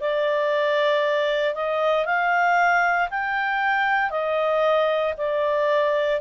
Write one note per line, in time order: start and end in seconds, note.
0.00 1.54 D5
1.54 2.05 D#5
2.05 3.08 F5
3.10 4.10 G5
4.10 5.13 D#5
5.17 6.21 D5